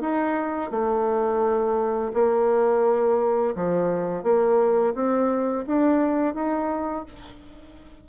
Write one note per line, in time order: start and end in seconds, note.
0.00 0.70 D#4
0.70 2.11 A3
2.13 3.54 A#3
3.55 4.23 F3
4.23 4.93 A#3
4.94 5.64 C4
5.66 6.34 D4
6.34 7.05 D#4